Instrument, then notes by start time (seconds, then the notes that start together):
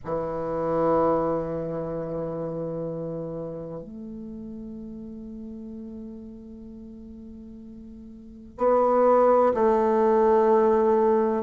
bassoon
0.04 E3
3.82 A3
8.57 B3
9.54 A3